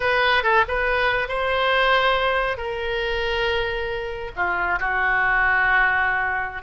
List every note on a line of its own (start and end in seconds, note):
0.00 0.43 B4
0.43 0.65 A4
0.68 1.28 B4
1.28 2.57 C5
2.57 4.31 A#4
4.36 4.79 F4
4.79 6.62 F#4